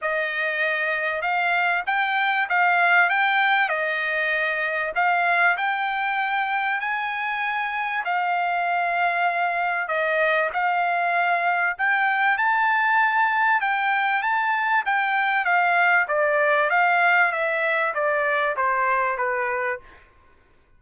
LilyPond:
\new Staff \with { instrumentName = "trumpet" } { \time 4/4 \tempo 4 = 97 dis''2 f''4 g''4 | f''4 g''4 dis''2 | f''4 g''2 gis''4~ | gis''4 f''2. |
dis''4 f''2 g''4 | a''2 g''4 a''4 | g''4 f''4 d''4 f''4 | e''4 d''4 c''4 b'4 | }